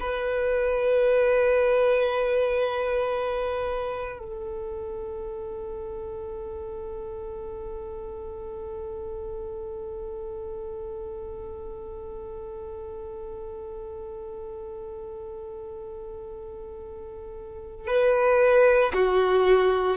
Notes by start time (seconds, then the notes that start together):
0.00 B4
4.19 A4
17.87 B4
18.93 F#4